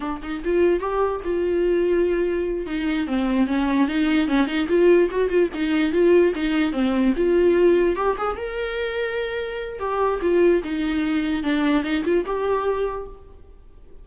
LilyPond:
\new Staff \with { instrumentName = "viola" } { \time 4/4 \tempo 4 = 147 d'8 dis'8 f'4 g'4 f'4~ | f'2~ f'8 dis'4 c'8~ | c'8 cis'4 dis'4 cis'8 dis'8 f'8~ | f'8 fis'8 f'8 dis'4 f'4 dis'8~ |
dis'8 c'4 f'2 g'8 | gis'8 ais'2.~ ais'8 | g'4 f'4 dis'2 | d'4 dis'8 f'8 g'2 | }